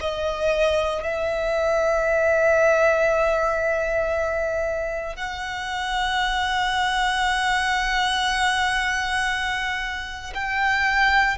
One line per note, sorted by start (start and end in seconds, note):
0.00 1.03 D#5
1.03 5.16 E5
5.16 10.33 F#5
10.34 11.38 G5